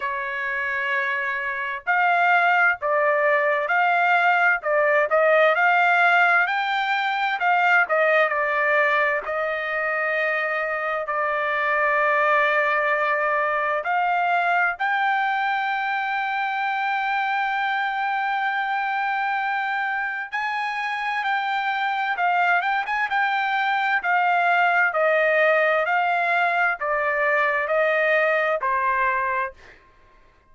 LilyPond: \new Staff \with { instrumentName = "trumpet" } { \time 4/4 \tempo 4 = 65 cis''2 f''4 d''4 | f''4 d''8 dis''8 f''4 g''4 | f''8 dis''8 d''4 dis''2 | d''2. f''4 |
g''1~ | g''2 gis''4 g''4 | f''8 g''16 gis''16 g''4 f''4 dis''4 | f''4 d''4 dis''4 c''4 | }